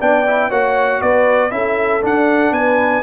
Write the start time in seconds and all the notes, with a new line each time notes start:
0.00 B3 D4 D5 G5
0.28 E4
0.49 A#3 F#4 C#5 F#5
1.02 B3 B4 D5
1.51 C#4 E4 A4 E5
2.02 D4 F#5
2.52 B3 B4 G#5